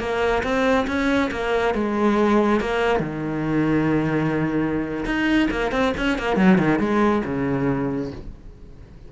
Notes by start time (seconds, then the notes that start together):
0.00 A#3
0.44 C4
0.88 C#4
1.32 A#3
1.74 G#3
2.61 A#3
3.00 D#3
5.06 D#4
5.51 A#3
5.72 C4
5.97 C#4
6.19 A#3
6.37 F#3
6.58 D#3
6.79 G#3
7.26 C#3